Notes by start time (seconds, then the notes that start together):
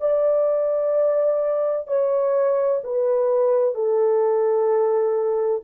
0.00 D5
1.87 C#5
2.84 B4
3.74 A4